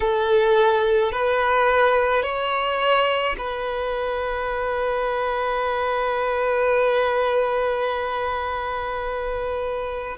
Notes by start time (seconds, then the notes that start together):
0.00 A4
1.12 B4
2.22 C#5
3.38 B4